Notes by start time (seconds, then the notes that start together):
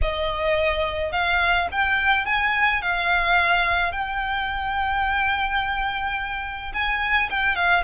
0.01 D#5
1.11 F5
1.71 G5
2.25 G#5
2.82 F5
3.92 G5
6.73 G#5
7.29 G5
7.55 F5